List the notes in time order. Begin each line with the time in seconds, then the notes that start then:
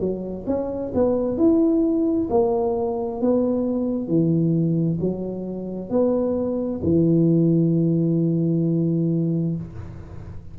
0.00 F#3
0.47 C#4
0.95 B3
1.38 E4
2.30 A#3
3.21 B3
4.08 E3
5.00 F#3
5.90 B3
6.83 E3